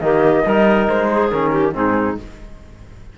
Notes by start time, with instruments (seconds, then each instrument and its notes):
0.00 cello D#3, trombone A#3, clarinet G4, flute D#5
0.44 cello G3, trombone D#4, clarinet A#4
0.88 cello G#3, flute C5
1.12 clarinet G#4
1.30 cello D#3, trombone C#4, flute A#4
1.51 clarinet G4
1.73 cello G#2, trombone C4, clarinet D#4, flute G#4